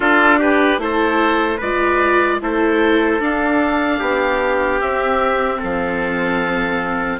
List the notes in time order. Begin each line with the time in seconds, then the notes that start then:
0.00 D4 F4 A4
0.39 G4 B4
0.78 A3 E4 C5
0.84 A4
1.57 G#3 F4 B4 D5
2.41 A3 E4 A4 C5
3.19 D4 F5
3.99 B3 G4
4.80 C4 E5
5.59 F3 A4 F5